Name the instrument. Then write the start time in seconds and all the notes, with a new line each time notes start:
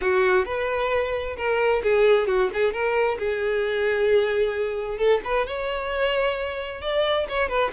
violin
0.01 F#4
0.45 B4
1.37 A#4
1.83 G#4
2.27 F#4
2.53 G#4
2.72 A#4
3.18 G#4
4.98 A4
5.24 B4
5.46 C#5
6.81 D5
7.29 C#5
7.48 B4